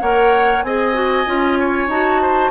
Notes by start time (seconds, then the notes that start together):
0.00 A#3 A#4 C#5 F#5
0.62 C4 G#4 D#5 G#5
0.94 F#4
1.26 C#4 F4
1.59 C#5
1.87 D#4 F#4 A5
2.22 C5